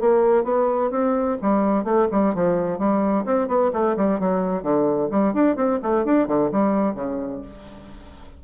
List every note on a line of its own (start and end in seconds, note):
0.00 0.44 A#3
0.44 0.90 B3
0.90 1.37 C4
1.41 1.84 G3
1.84 2.07 A3
2.11 2.34 G3
2.34 2.78 F3
2.78 3.25 G3
3.25 3.48 C4
3.48 3.71 B3
3.73 3.96 A3
3.96 4.19 G3
4.19 4.62 F#3
4.62 5.09 D3
5.11 5.34 G3
5.34 5.56 D4
5.56 5.79 C4
5.82 6.05 A3
6.05 6.27 D4
6.27 6.51 D3
6.52 6.95 G3
6.95 7.41 C#3